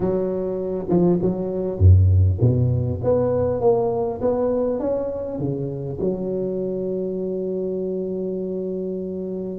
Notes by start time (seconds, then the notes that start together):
0.00 F#3
0.89 F3
1.21 F#3
1.78 F#2
2.41 B2
3.03 B3
3.60 A#3
4.21 B3
4.79 C#4
5.38 C#3
6.00 F#3